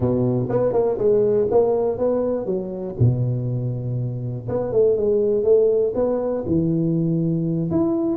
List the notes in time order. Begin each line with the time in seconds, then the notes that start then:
0.00 B2
0.49 B3
0.73 A#3
0.98 G#3
1.50 A#3
1.97 B3
2.45 F#3
2.99 B2
4.48 B3
4.72 A3
4.96 G#3
5.43 A3
5.94 B3
6.46 E3
7.70 E4